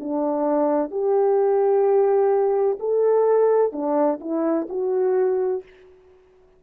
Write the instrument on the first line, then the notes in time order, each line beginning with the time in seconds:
horn
0.00 D4
0.91 G4
2.80 A4
3.73 D4
4.21 E4
4.70 F#4